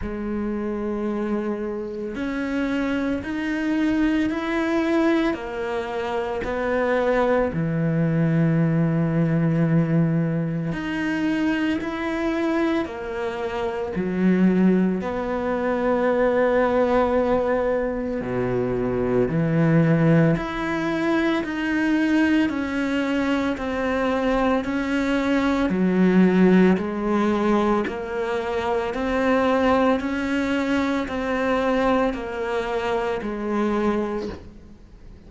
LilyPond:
\new Staff \with { instrumentName = "cello" } { \time 4/4 \tempo 4 = 56 gis2 cis'4 dis'4 | e'4 ais4 b4 e4~ | e2 dis'4 e'4 | ais4 fis4 b2~ |
b4 b,4 e4 e'4 | dis'4 cis'4 c'4 cis'4 | fis4 gis4 ais4 c'4 | cis'4 c'4 ais4 gis4 | }